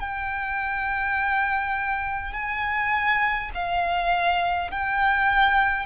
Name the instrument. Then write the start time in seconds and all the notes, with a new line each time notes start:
violin
0.00 G5
2.34 G#5
3.55 F5
4.71 G5